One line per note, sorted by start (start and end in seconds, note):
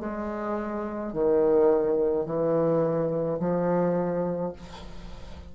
0.00 1.13 G#3
1.13 2.26 D#3
2.26 3.39 E3
3.40 4.53 F3